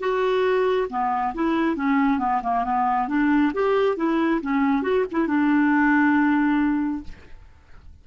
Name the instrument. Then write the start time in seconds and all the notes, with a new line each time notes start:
clarinet
0.00 F#4
0.90 B3
1.35 E4
1.76 C#4
2.19 B3
2.43 A#3
2.65 B3
3.08 D4
3.54 G4
3.97 E4
4.42 C#4
4.83 F#4
5.12 E4
5.27 D4